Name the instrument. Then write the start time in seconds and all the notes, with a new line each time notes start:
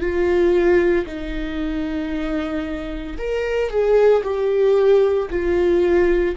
viola
0.00 F4
1.06 D#4
3.18 A#4
3.70 G#4
4.23 G4
5.30 F4